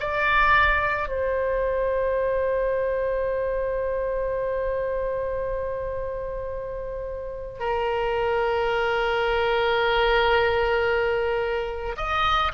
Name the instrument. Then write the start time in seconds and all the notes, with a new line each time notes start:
oboe
0.00 D5
1.09 C5
7.60 A#4
11.97 D#5